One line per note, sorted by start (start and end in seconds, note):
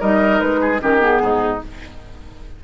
0.00 0.42 G3
0.00 0.80 D#4
0.00 0.60 A#4
0.00 0.40 D#5
0.40 0.82 G#3
0.40 0.80 B4
0.61 0.81 G#4
0.80 1.21 D#3
0.80 0.99 C#4
0.80 1.22 G4
0.80 1.02 A#4
0.99 1.59 B3
0.99 1.62 G#4
1.21 1.61 G#2
1.21 1.64 D#4